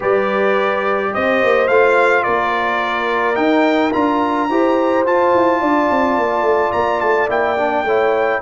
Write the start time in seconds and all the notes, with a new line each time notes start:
0.00 G3 G4 B4 D5
1.14 C4 C5 D#5
1.43 A#3
1.67 A3 F4 F5
2.23 A#3 A#4 D5
3.35 D#4 G5
3.92 D4 F4 A#5
4.49 E4 G4 C5
5.05 F4 A5
5.34 E4
5.61 D4 D5
5.90 C4
6.17 A#3
6.42 A3
6.72 A#3 A#5
7.00 A3 A5
7.28 A#3 E4 G5
7.56 D4
7.84 A3 E4 C#5